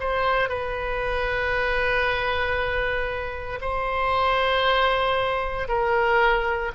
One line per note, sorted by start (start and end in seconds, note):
0.00 0.49 C5
0.49 3.60 B4
3.61 5.68 C5
5.68 6.72 A#4